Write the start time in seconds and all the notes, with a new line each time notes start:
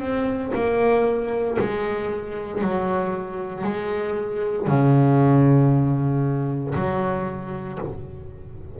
0.00 C4
0.55 A#3
1.59 G#3
2.62 F#3
3.64 G#3
4.68 C#3
6.76 F#3